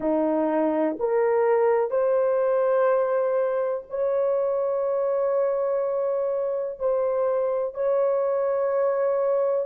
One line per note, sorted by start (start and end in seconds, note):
0.00 0.96 D#4
0.99 1.90 A#4
1.90 3.84 C5
3.89 6.79 C#5
6.79 7.74 C5
7.74 9.66 C#5